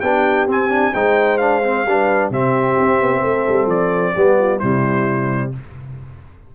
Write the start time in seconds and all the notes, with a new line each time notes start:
0.00 B3 D4 G4 G5
0.46 C4 G#5
0.69 D4
0.92 G#3 D#4 C5 G5
1.37 D4 F5
1.63 C4
1.85 G3 D4 B4
2.30 C3 C4 G4 E5
2.79 C4
3.00 B3
3.20 A3 A4
3.48 G3
3.66 F3 D5
4.14 G3 B3 G4
4.38 F4
4.57 C3 G3 E4 C5